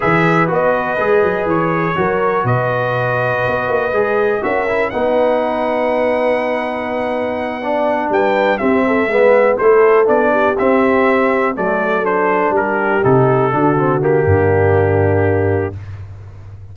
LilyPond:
<<
  \new Staff \with { instrumentName = "trumpet" } { \time 4/4 \tempo 4 = 122 e''4 dis''2 cis''4~ | cis''4 dis''2.~ | dis''4 e''4 fis''2~ | fis''1~ |
fis''8 g''4 e''2 c''8~ | c''8 d''4 e''2 d''8~ | d''8 c''4 ais'4 a'4.~ | a'8 g'2.~ g'8 | }
  \new Staff \with { instrumentName = "horn" } { \time 4/4 b'1 | ais'4 b'2.~ | b'4 ais'4 b'2~ | b'2.~ b'8 d''8~ |
d''8 b'4 g'8 a'8 b'4 a'8~ | a'4 g'2~ g'8 a'8~ | a'4. g'2 fis'8~ | fis'4 d'2. | }
  \new Staff \with { instrumentName = "trombone" } { \time 4/4 gis'4 fis'4 gis'2 | fis'1 | gis'4 fis'8 e'8 dis'2~ | dis'2.~ dis'8 d'8~ |
d'4. c'4 b4 e'8~ | e'8 d'4 c'2 a8~ | a8 d'2 dis'4 d'8 | c'8 ais2.~ ais8 | }
  \new Staff \with { instrumentName = "tuba" } { \time 4/4 e4 b4 gis8 fis8 e4 | fis4 b,2 b8 ais8 | gis4 cis'4 b2~ | b1~ |
b8 g4 c'4 gis4 a8~ | a8 b4 c'2 fis8~ | fis4. g4 c4 d8~ | d4 g,2. | }
>>